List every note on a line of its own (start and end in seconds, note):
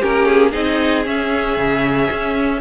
0.00 0.54 A#3
0.00 0.52 C#4
0.00 0.51 G4
0.00 0.26 A#4
0.26 0.52 G#4
0.51 1.06 C4
0.51 1.04 D#4
0.51 2.60 G#4
0.51 1.05 D#5
1.05 2.61 C#4
1.05 1.57 C#4
1.05 2.61 E5
1.57 2.09 C#3
2.11 2.61 C#4